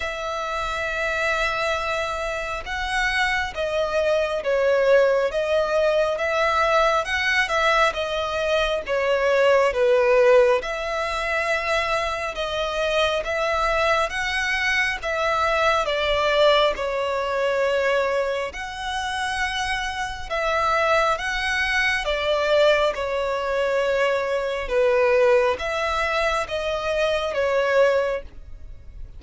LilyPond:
\new Staff \with { instrumentName = "violin" } { \time 4/4 \tempo 4 = 68 e''2. fis''4 | dis''4 cis''4 dis''4 e''4 | fis''8 e''8 dis''4 cis''4 b'4 | e''2 dis''4 e''4 |
fis''4 e''4 d''4 cis''4~ | cis''4 fis''2 e''4 | fis''4 d''4 cis''2 | b'4 e''4 dis''4 cis''4 | }